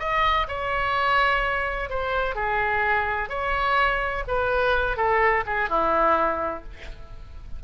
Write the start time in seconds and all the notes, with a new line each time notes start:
0.00 D#5
0.48 C#5
1.90 C5
2.36 G#4
3.30 C#5
4.28 B4
4.97 A4
5.47 G#4
5.70 E4